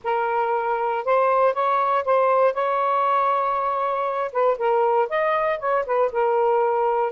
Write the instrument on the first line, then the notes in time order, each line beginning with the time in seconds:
saxophone
0.03 A#4
1.04 C5
1.53 C#5
2.05 C5
2.53 C#5
4.32 B4
4.58 A#4
5.09 D#5
5.59 C#5
5.86 B4
6.11 A#4